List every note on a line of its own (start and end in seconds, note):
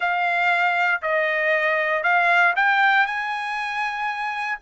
0.00 1.01 F5
1.01 2.03 D#5
2.03 2.54 F5
2.55 3.06 G5
3.06 4.58 G#5